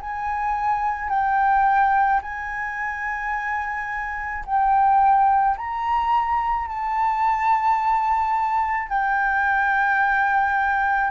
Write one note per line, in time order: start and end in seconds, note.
0.00 1.10 G#5
1.10 2.21 G5
2.22 4.44 G#5
4.45 5.57 G5
5.57 6.68 A#5
6.68 8.88 A5
8.88 11.11 G5